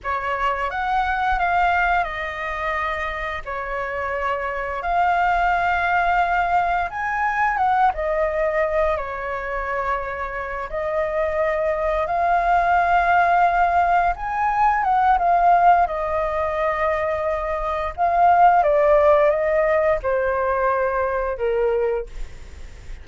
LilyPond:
\new Staff \with { instrumentName = "flute" } { \time 4/4 \tempo 4 = 87 cis''4 fis''4 f''4 dis''4~ | dis''4 cis''2 f''4~ | f''2 gis''4 fis''8 dis''8~ | dis''4 cis''2~ cis''8 dis''8~ |
dis''4. f''2~ f''8~ | f''8 gis''4 fis''8 f''4 dis''4~ | dis''2 f''4 d''4 | dis''4 c''2 ais'4 | }